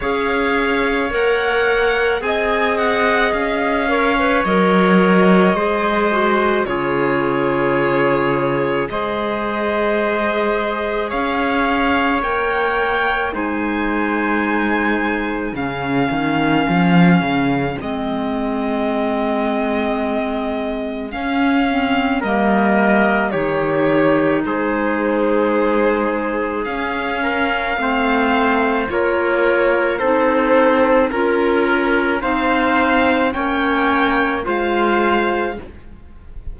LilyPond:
<<
  \new Staff \with { instrumentName = "violin" } { \time 4/4 \tempo 4 = 54 f''4 fis''4 gis''8 fis''8 f''4 | dis''2 cis''2 | dis''2 f''4 g''4 | gis''2 f''2 |
dis''2. f''4 | dis''4 cis''4 c''2 | f''2 cis''4 c''4 | ais'4 f''4 g''4 f''4 | }
  \new Staff \with { instrumentName = "trumpet" } { \time 4/4 cis''2 dis''4. cis''8~ | cis''4 c''4 gis'2 | c''2 cis''2 | c''2 gis'2~ |
gis'1 | ais'4 g'4 gis'2~ | gis'8 ais'8 c''4 ais'4 a'4 | ais'4 c''4 cis''4 c''4 | }
  \new Staff \with { instrumentName = "clarinet" } { \time 4/4 gis'4 ais'4 gis'4. ais'16 b'16 | ais'4 gis'8 fis'8 f'2 | gis'2. ais'4 | dis'2 cis'2 |
c'2. cis'8 c'8 | ais4 dis'2. | cis'4 c'4 f'4 dis'4 | f'4 dis'4 cis'4 f'4 | }
  \new Staff \with { instrumentName = "cello" } { \time 4/4 cis'4 ais4 c'4 cis'4 | fis4 gis4 cis2 | gis2 cis'4 ais4 | gis2 cis8 dis8 f8 cis8 |
gis2. cis'4 | g4 dis4 gis2 | cis'4 a4 ais4 c'4 | cis'4 c'4 ais4 gis4 | }
>>